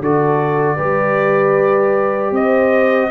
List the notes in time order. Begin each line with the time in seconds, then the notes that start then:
0.00 D3 F#4 A4 D5
0.76 G3 G4 B4
2.31 C4 C5 D#5